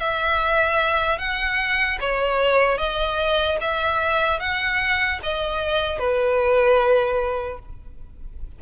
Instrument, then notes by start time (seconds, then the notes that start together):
violin
0.00 E5
1.19 F#5
2.01 C#5
2.78 D#5
3.61 E5
4.40 F#5
5.23 D#5
5.99 B4